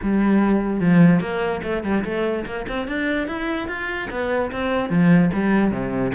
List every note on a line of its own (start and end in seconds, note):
0.02 0.80 G3
0.80 1.20 F3
1.20 1.61 A#3
1.63 1.83 A3
1.83 2.04 G3
2.04 2.45 A3
2.45 2.66 A#3
2.68 2.87 C4
2.87 3.27 D4
3.27 3.67 E4
3.67 4.08 F4
4.10 4.51 B3
4.51 4.89 C4
4.89 5.30 F3
5.33 5.71 G3
5.71 6.12 C3